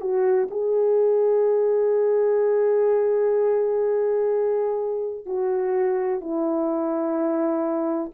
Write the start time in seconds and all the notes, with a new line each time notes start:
0.00 F#4
0.50 G#4
5.26 F#4
6.20 E4